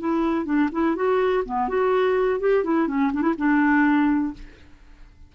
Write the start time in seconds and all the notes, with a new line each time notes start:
0.00 E4
0.46 D4
0.72 E4
0.96 F#4
1.46 B3
1.69 F#4
2.40 G4
2.65 E4
2.88 C#4
3.14 D4
3.22 E4
3.38 D4